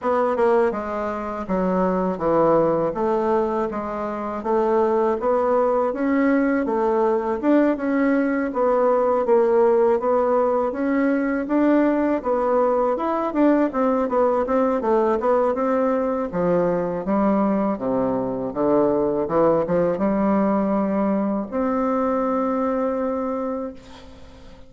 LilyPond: \new Staff \with { instrumentName = "bassoon" } { \time 4/4 \tempo 4 = 81 b8 ais8 gis4 fis4 e4 | a4 gis4 a4 b4 | cis'4 a4 d'8 cis'4 b8~ | b8 ais4 b4 cis'4 d'8~ |
d'8 b4 e'8 d'8 c'8 b8 c'8 | a8 b8 c'4 f4 g4 | c4 d4 e8 f8 g4~ | g4 c'2. | }